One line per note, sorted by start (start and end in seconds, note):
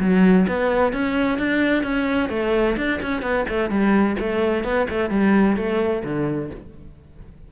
0.00 0.47 F#3
0.48 0.93 B3
0.93 1.39 C#4
1.39 1.84 D4
1.84 2.30 C#4
2.30 2.76 A3
2.77 3.01 D4
3.03 3.22 C#4
3.22 3.45 B3
3.49 3.70 A3
3.70 4.17 G3
4.20 4.64 A3
4.64 4.88 B3
4.90 5.10 A3
5.10 5.57 G3
5.57 6.03 A3
6.04 6.51 D3